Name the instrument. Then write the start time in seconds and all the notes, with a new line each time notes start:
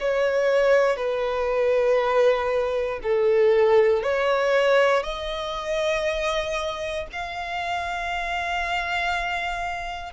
violin
0.00 C#5
0.96 B4
3.03 A4
4.03 C#5
5.03 D#5
7.13 F5